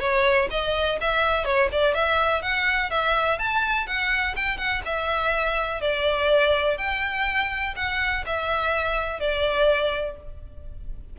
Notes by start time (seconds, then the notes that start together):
0.00 C#5
0.50 D#5
1.01 E5
1.45 C#5
1.72 D5
1.94 E5
2.42 F#5
2.90 E5
3.39 A5
3.87 F#5
4.36 G5
4.57 F#5
4.85 E5
5.81 D5
6.78 G5
7.76 F#5
8.26 E5
9.20 D5